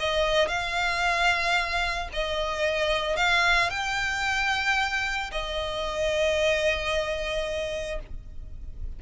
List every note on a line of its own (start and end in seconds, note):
0.00 0.48 D#5
0.48 2.09 F5
2.13 3.17 D#5
3.17 3.70 F5
3.71 5.31 G5
5.32 8.00 D#5